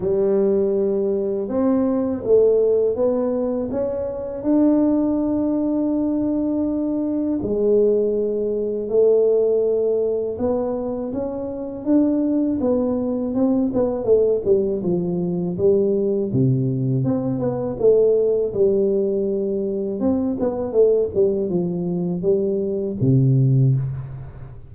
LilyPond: \new Staff \with { instrumentName = "tuba" } { \time 4/4 \tempo 4 = 81 g2 c'4 a4 | b4 cis'4 d'2~ | d'2 gis2 | a2 b4 cis'4 |
d'4 b4 c'8 b8 a8 g8 | f4 g4 c4 c'8 b8 | a4 g2 c'8 b8 | a8 g8 f4 g4 c4 | }